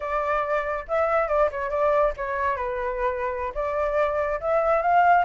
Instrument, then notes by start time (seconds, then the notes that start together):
flute
0.00 D5
0.88 E5
1.28 D5
1.51 C#5
1.70 D5
2.16 C#5
2.56 B4
3.54 D5
4.40 E5
4.82 F5